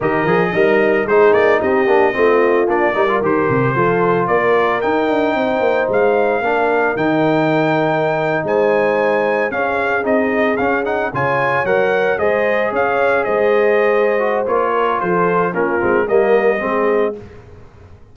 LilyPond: <<
  \new Staff \with { instrumentName = "trumpet" } { \time 4/4 \tempo 4 = 112 dis''2 c''8 d''8 dis''4~ | dis''4 d''4 c''2 | d''4 g''2 f''4~ | f''4 g''2~ g''8. gis''16~ |
gis''4.~ gis''16 f''4 dis''4 f''16~ | f''16 fis''8 gis''4 fis''4 dis''4 f''16~ | f''8. dis''2~ dis''16 cis''4 | c''4 ais'4 dis''2 | }
  \new Staff \with { instrumentName = "horn" } { \time 4/4 ais'4 dis'4 gis'4 g'4 | f'4. ais'4. a'4 | ais'2 c''2 | ais'2.~ ais'8. c''16~ |
c''4.~ c''16 gis'2~ gis'16~ | gis'8. cis''2 c''4 cis''16~ | cis''8. c''2~ c''8. ais'8 | a'4 f'4 ais'4 gis'4 | }
  \new Staff \with { instrumentName = "trombone" } { \time 4/4 g'8 gis'8 ais'4 dis'4. d'8 | c'4 d'8 dis'16 f'16 g'4 f'4~ | f'4 dis'2. | d'4 dis'2.~ |
dis'4.~ dis'16 cis'4 dis'4 cis'16~ | cis'16 dis'8 f'4 ais'4 gis'4~ gis'16~ | gis'2~ gis'8 fis'8 f'4~ | f'4 cis'8 c'8 ais4 c'4 | }
  \new Staff \with { instrumentName = "tuba" } { \time 4/4 dis8 f8 g4 gis8 ais8 c'8 ais8 | a4 ais8 g8 dis8 c8 f4 | ais4 dis'8 d'8 c'8 ais8 gis4 | ais4 dis2~ dis8. gis16~ |
gis4.~ gis16 cis'4 c'4 cis'16~ | cis'8. cis4 fis4 gis4 cis'16~ | cis'8. gis2~ gis16 ais4 | f4 ais8 gis8 g4 gis4 | }
>>